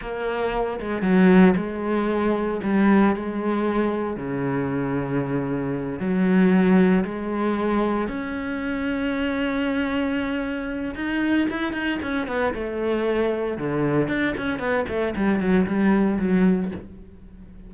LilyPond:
\new Staff \with { instrumentName = "cello" } { \time 4/4 \tempo 4 = 115 ais4. gis8 fis4 gis4~ | gis4 g4 gis2 | cis2.~ cis8 fis8~ | fis4. gis2 cis'8~ |
cis'1~ | cis'4 dis'4 e'8 dis'8 cis'8 b8 | a2 d4 d'8 cis'8 | b8 a8 g8 fis8 g4 fis4 | }